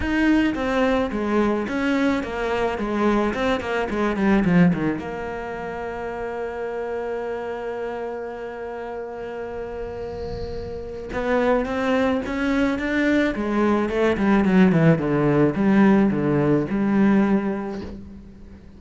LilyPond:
\new Staff \with { instrumentName = "cello" } { \time 4/4 \tempo 4 = 108 dis'4 c'4 gis4 cis'4 | ais4 gis4 c'8 ais8 gis8 g8 | f8 dis8 ais2.~ | ais1~ |
ais1 | b4 c'4 cis'4 d'4 | gis4 a8 g8 fis8 e8 d4 | g4 d4 g2 | }